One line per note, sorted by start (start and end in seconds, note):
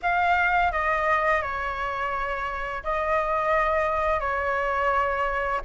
0.02 0.72 F5
0.72 1.41 D#5
1.41 2.83 C#5
2.83 4.19 D#5
4.19 5.61 C#5